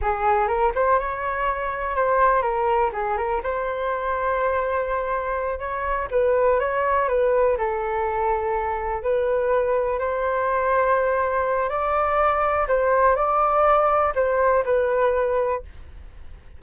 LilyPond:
\new Staff \with { instrumentName = "flute" } { \time 4/4 \tempo 4 = 123 gis'4 ais'8 c''8 cis''2 | c''4 ais'4 gis'8 ais'8 c''4~ | c''2.~ c''8 cis''8~ | cis''8 b'4 cis''4 b'4 a'8~ |
a'2~ a'8 b'4.~ | b'8 c''2.~ c''8 | d''2 c''4 d''4~ | d''4 c''4 b'2 | }